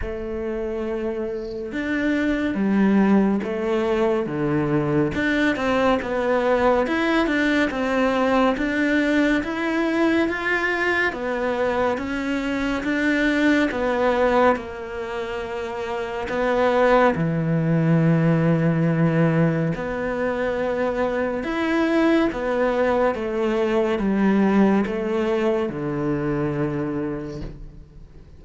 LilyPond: \new Staff \with { instrumentName = "cello" } { \time 4/4 \tempo 4 = 70 a2 d'4 g4 | a4 d4 d'8 c'8 b4 | e'8 d'8 c'4 d'4 e'4 | f'4 b4 cis'4 d'4 |
b4 ais2 b4 | e2. b4~ | b4 e'4 b4 a4 | g4 a4 d2 | }